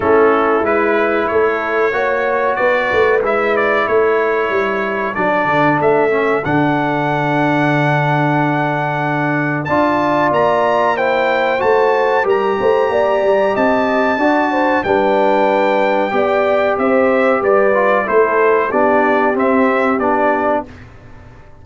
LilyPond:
<<
  \new Staff \with { instrumentName = "trumpet" } { \time 4/4 \tempo 4 = 93 a'4 b'4 cis''2 | d''4 e''8 d''8 cis''2 | d''4 e''4 fis''2~ | fis''2. a''4 |
ais''4 g''4 a''4 ais''4~ | ais''4 a''2 g''4~ | g''2 e''4 d''4 | c''4 d''4 e''4 d''4 | }
  \new Staff \with { instrumentName = "horn" } { \time 4/4 e'2 a'4 cis''4 | b'2 a'2~ | a'1~ | a'2. d''4~ |
d''4 c''2 ais'8 c''8 | d''4 dis''4 d''8 c''8 b'4~ | b'4 d''4 c''4 b'4 | a'4 g'2. | }
  \new Staff \with { instrumentName = "trombone" } { \time 4/4 cis'4 e'2 fis'4~ | fis'4 e'2. | d'4. cis'8 d'2~ | d'2. f'4~ |
f'4 e'4 fis'4 g'4~ | g'2 fis'4 d'4~ | d'4 g'2~ g'8 f'8 | e'4 d'4 c'4 d'4 | }
  \new Staff \with { instrumentName = "tuba" } { \time 4/4 a4 gis4 a4 ais4 | b8 a8 gis4 a4 g4 | fis8 d8 a4 d2~ | d2. d'4 |
ais2 a4 g8 a8 | ais8 g8 c'4 d'4 g4~ | g4 b4 c'4 g4 | a4 b4 c'4 b4 | }
>>